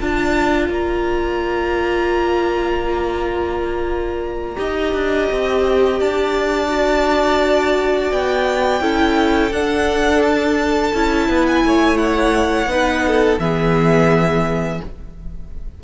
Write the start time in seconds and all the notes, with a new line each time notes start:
0.00 D4 F4 D5 A5
0.69 A#3 A#5
4.56 D#4 G4 D#5
4.93 D4
5.32 C4
6.00 D4 D5 A5
6.69 F#4
8.11 B3 G5
8.80 C#4 E4 A4
9.51 D4 F#5
10.22 A5
10.93 C#4 E4
11.29 B3 B4
11.47 G#5
11.64 A3 C#5
11.97 F#5
12.66 B3 D#4 B4
13.07 A4
13.39 E3 B3 G#4 E5